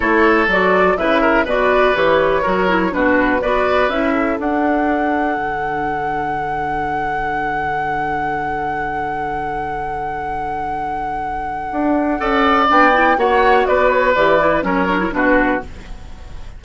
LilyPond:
<<
  \new Staff \with { instrumentName = "flute" } { \time 4/4 \tempo 4 = 123 cis''4 d''4 e''4 d''4 | cis''2 b'4 d''4 | e''4 fis''2.~ | fis''1~ |
fis''1~ | fis''1~ | fis''2 g''4 fis''4 | d''8 cis''8 d''4 cis''4 b'4 | }
  \new Staff \with { instrumentName = "oboe" } { \time 4/4 a'2 b'8 ais'8 b'4~ | b'4 ais'4 fis'4 b'4~ | b'8 a'2.~ a'8~ | a'1~ |
a'1~ | a'1~ | a'4 d''2 cis''4 | b'2 ais'4 fis'4 | }
  \new Staff \with { instrumentName = "clarinet" } { \time 4/4 e'4 fis'4 e'4 fis'4 | g'4 fis'8 e'8 d'4 fis'4 | e'4 d'2.~ | d'1~ |
d'1~ | d'1~ | d'4 a'4 d'8 e'8 fis'4~ | fis'4 g'8 e'8 cis'8 d'16 e'16 d'4 | }
  \new Staff \with { instrumentName = "bassoon" } { \time 4/4 a4 fis4 cis4 b,4 | e4 fis4 b,4 b4 | cis'4 d'2 d4~ | d1~ |
d1~ | d1 | d'4 cis'4 b4 ais4 | b4 e4 fis4 b,4 | }
>>